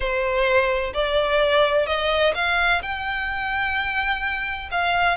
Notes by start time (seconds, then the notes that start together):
0.00 C5
0.93 D5
1.86 D#5
2.34 F5
2.81 G5
4.71 F5